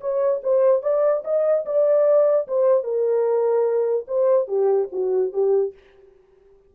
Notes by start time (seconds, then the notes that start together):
0.00 C#5
0.43 C5
0.82 D5
1.24 D#5
1.65 D5
2.47 C5
2.83 A#4
4.07 C5
4.47 G4
4.92 F#4
5.33 G4